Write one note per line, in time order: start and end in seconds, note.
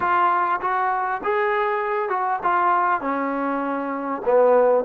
0.00 0.60 F4
0.60 1.21 F#4
1.23 2.09 G#4
2.09 2.39 F#4
2.43 3.01 F4
3.01 4.22 C#4
4.25 4.84 B3